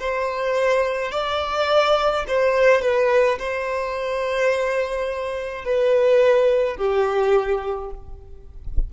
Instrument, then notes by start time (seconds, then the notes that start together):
violin
0.00 C5
1.12 D5
2.28 C5
2.82 B4
3.39 C5
5.65 B4
6.77 G4